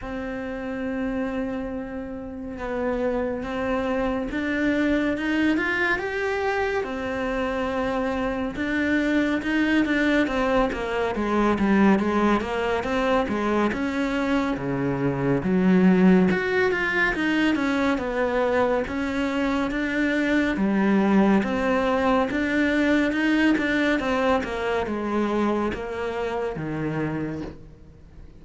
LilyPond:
\new Staff \with { instrumentName = "cello" } { \time 4/4 \tempo 4 = 70 c'2. b4 | c'4 d'4 dis'8 f'8 g'4 | c'2 d'4 dis'8 d'8 | c'8 ais8 gis8 g8 gis8 ais8 c'8 gis8 |
cis'4 cis4 fis4 fis'8 f'8 | dis'8 cis'8 b4 cis'4 d'4 | g4 c'4 d'4 dis'8 d'8 | c'8 ais8 gis4 ais4 dis4 | }